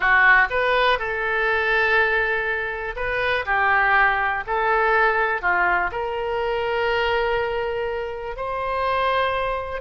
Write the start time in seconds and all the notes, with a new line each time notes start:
0.00 F#4
0.50 B4
0.98 A4
2.96 B4
3.45 G4
4.46 A4
5.41 F4
5.91 A#4
8.36 C5